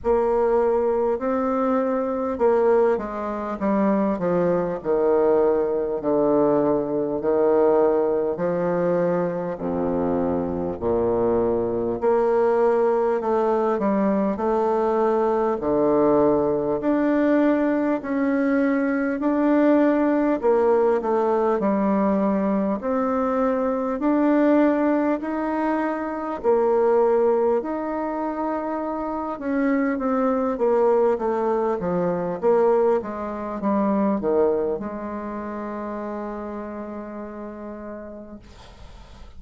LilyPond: \new Staff \with { instrumentName = "bassoon" } { \time 4/4 \tempo 4 = 50 ais4 c'4 ais8 gis8 g8 f8 | dis4 d4 dis4 f4 | f,4 ais,4 ais4 a8 g8 | a4 d4 d'4 cis'4 |
d'4 ais8 a8 g4 c'4 | d'4 dis'4 ais4 dis'4~ | dis'8 cis'8 c'8 ais8 a8 f8 ais8 gis8 | g8 dis8 gis2. | }